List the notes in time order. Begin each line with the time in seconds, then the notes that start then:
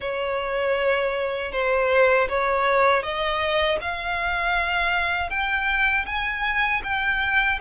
0.00 C#5
1.52 C5
2.29 C#5
3.02 D#5
3.81 F5
5.30 G5
6.06 G#5
6.84 G5